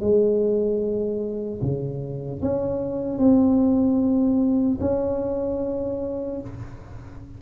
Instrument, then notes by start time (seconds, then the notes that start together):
tuba
0.00 G#3
1.61 C#3
2.41 C#4
3.18 C4
4.80 C#4